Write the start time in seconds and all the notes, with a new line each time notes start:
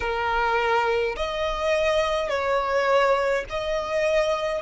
0.00 A#4
1.16 D#5
2.29 C#5
3.49 D#5